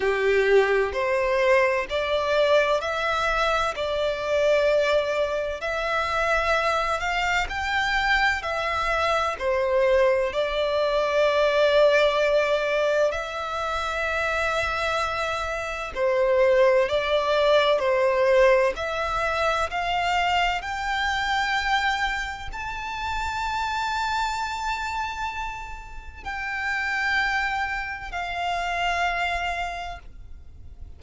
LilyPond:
\new Staff \with { instrumentName = "violin" } { \time 4/4 \tempo 4 = 64 g'4 c''4 d''4 e''4 | d''2 e''4. f''8 | g''4 e''4 c''4 d''4~ | d''2 e''2~ |
e''4 c''4 d''4 c''4 | e''4 f''4 g''2 | a''1 | g''2 f''2 | }